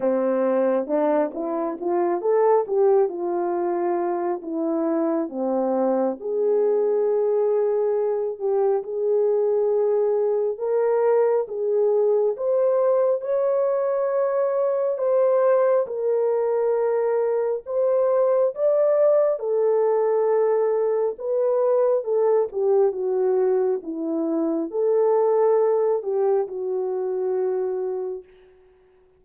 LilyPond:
\new Staff \with { instrumentName = "horn" } { \time 4/4 \tempo 4 = 68 c'4 d'8 e'8 f'8 a'8 g'8 f'8~ | f'4 e'4 c'4 gis'4~ | gis'4. g'8 gis'2 | ais'4 gis'4 c''4 cis''4~ |
cis''4 c''4 ais'2 | c''4 d''4 a'2 | b'4 a'8 g'8 fis'4 e'4 | a'4. g'8 fis'2 | }